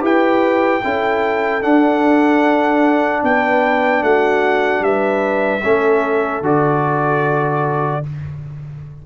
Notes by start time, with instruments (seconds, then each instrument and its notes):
0.00 tuba E4, trombone G4, horn B4, trumpet G5
0.83 tuba C#4, trombone E4, horn A4
1.61 trombone D4, tuba D4, trumpet F#5
3.23 tuba B3, horn B4, trumpet G5
4.02 tuba A3, horn F#4, trumpet F#5
4.80 tuba G3, horn B4, trumpet E5
5.63 tuba A3, trombone C#4, horn A4
6.41 tuba D3, trombone F#4, trumpet D5